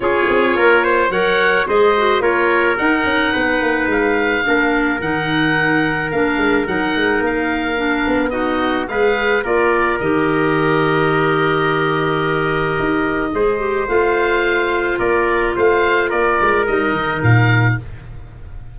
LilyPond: <<
  \new Staff \with { instrumentName = "oboe" } { \time 4/4 \tempo 4 = 108 cis''2 fis''4 dis''4 | cis''4 fis''2 f''4~ | f''4 fis''2 f''4 | fis''4 f''2 dis''4 |
f''4 d''4 dis''2~ | dis''1~ | dis''4 f''2 d''4 | f''4 d''4 dis''4 f''4 | }
  \new Staff \with { instrumentName = "trumpet" } { \time 4/4 gis'4 ais'8 c''8 cis''4 c''4 | ais'2 b'2 | ais'1~ | ais'2. fis'4 |
b'4 ais'2.~ | ais'1 | c''2. ais'4 | c''4 ais'2. | }
  \new Staff \with { instrumentName = "clarinet" } { \time 4/4 f'2 ais'4 gis'8 fis'8 | f'4 dis'2. | d'4 dis'2 d'4 | dis'2 d'4 dis'4 |
gis'4 f'4 g'2~ | g'1 | gis'8 g'8 f'2.~ | f'2 dis'2 | }
  \new Staff \with { instrumentName = "tuba" } { \time 4/4 cis'8 c'8 ais4 fis4 gis4 | ais4 dis'8 cis'8 b8 ais8 gis4 | ais4 dis2 ais8 gis8 | fis8 gis8 ais4. b4. |
gis4 ais4 dis2~ | dis2. dis'4 | gis4 a2 ais4 | a4 ais8 gis8 g8 dis8 ais,4 | }
>>